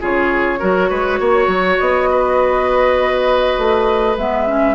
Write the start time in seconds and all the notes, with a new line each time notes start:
0.00 C#3 F4 G#4 C#5
0.59 F#3 F#4 A#4
0.90 G#3 B4
1.20 A#3 C#5
1.47 F#3
1.79 B3 D#5
2.11 B4
3.58 A3
4.17 G#3 B3 E5
4.47 C#4